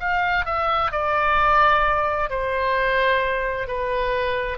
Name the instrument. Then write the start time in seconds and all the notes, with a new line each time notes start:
oboe
0.00 F5
0.46 E5
0.91 D5
2.30 C5
3.68 B4